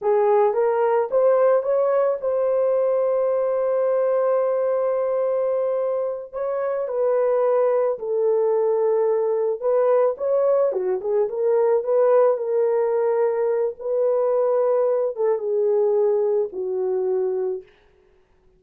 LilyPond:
\new Staff \with { instrumentName = "horn" } { \time 4/4 \tempo 4 = 109 gis'4 ais'4 c''4 cis''4 | c''1~ | c''2.~ c''8 cis''8~ | cis''8 b'2 a'4.~ |
a'4. b'4 cis''4 fis'8 | gis'8 ais'4 b'4 ais'4.~ | ais'4 b'2~ b'8 a'8 | gis'2 fis'2 | }